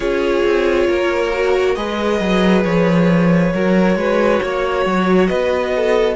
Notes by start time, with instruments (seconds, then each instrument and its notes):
0.00 cello C#4, viola F4, violin G#4 C#5
0.44 cello C4
0.87 cello A#3, violin A#4
1.33 viola F#4
1.74 cello G#3, viola G#4, violin B4 D#5
2.19 cello F#3
2.63 cello F3, violin C#5
3.53 cello F#3, viola F#4, violin A#4
3.95 cello G#3, violin B4
4.42 cello A#3, violin C#5
4.85 cello F#3
5.27 cello B3, violin B4 D#5
5.76 violin A4